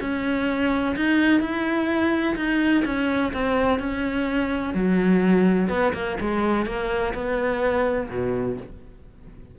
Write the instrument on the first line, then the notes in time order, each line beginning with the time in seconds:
cello
0.00 C#4
0.95 D#4
1.40 E4
2.36 D#4
2.84 C#4
3.33 C4
3.79 C#4
4.74 F#3
5.68 B3
5.93 A#3
6.20 G#3
6.66 A#3
7.14 B3
8.09 B2